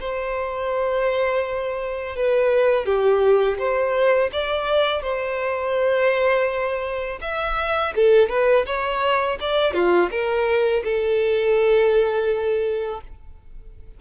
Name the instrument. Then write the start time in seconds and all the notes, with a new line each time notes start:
violin
0.00 C5
2.16 B4
2.86 G4
3.58 C5
4.32 D5
5.02 C5
7.21 E5
7.95 A4
8.29 B4
8.66 C#5
9.40 D5
9.73 F4
10.11 A#4
10.84 A4